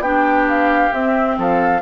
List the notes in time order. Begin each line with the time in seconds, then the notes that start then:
0.00 B3 D4 G4 G5
0.49 F5
0.93 C4 E5
1.38 F3 A4 F5